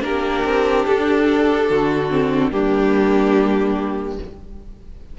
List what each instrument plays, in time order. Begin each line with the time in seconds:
0.00 cello A#3, viola D4, violin G4 A#4
0.44 cello C4
0.86 cello D4, violin A4
1.69 cello D3, violin F#4
2.10 viola C4
2.50 cello G3, viola A#3, violin D4 G4